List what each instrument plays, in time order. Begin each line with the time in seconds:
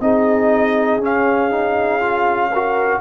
0.00 tuba C4, trombone D#4, horn G#4, trumpet D#5
0.98 tuba C#4, trombone C#4
1.05 trumpet F5
1.50 trombone D#4
2.00 trombone F4
2.52 trombone F#4, horn A#4